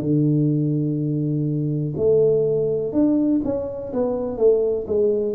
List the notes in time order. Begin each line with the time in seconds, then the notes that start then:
0.00 D3
1.97 A3
2.93 D4
3.44 C#4
3.93 B3
4.38 A3
4.87 G#3